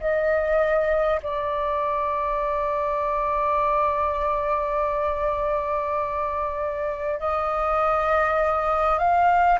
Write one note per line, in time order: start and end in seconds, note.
0.00 1.20 D#5
1.23 7.20 D5
7.20 8.98 D#5
8.98 9.58 F5